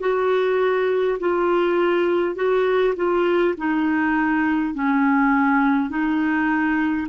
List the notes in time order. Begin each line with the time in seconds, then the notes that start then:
0.00 F#4
1.19 F4
2.35 F#4
2.95 F4
3.57 D#4
4.74 C#4
5.89 D#4